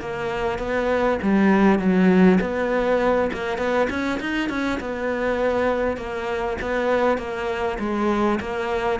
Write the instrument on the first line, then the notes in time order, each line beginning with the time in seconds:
cello
0.00 A#3
0.58 B3
1.22 G3
1.79 F#3
2.41 B3
3.33 A#3
3.58 B3
3.90 C#4
4.20 D#4
4.49 C#4
4.80 B3
5.97 A#3
6.61 B3
7.18 A#3
7.79 G#3
8.40 A#3